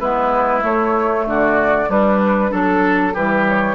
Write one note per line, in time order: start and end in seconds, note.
0.00 0.64 G#3
0.00 0.61 B3
0.00 1.25 E4
0.00 0.62 B4
0.61 1.86 A3
0.61 1.26 A3
0.61 1.27 C#5
1.26 1.89 D3
1.26 1.89 F#4
1.26 1.91 D5
1.89 2.51 G3
1.89 2.51 D4
1.89 2.53 B4
2.51 3.15 F#3
2.51 3.13 D4
2.51 3.14 A4
2.51 3.15 A4
3.14 3.75 E3
3.14 3.75 G3
3.14 3.75 G4
3.14 3.46 B4
3.49 3.75 C#5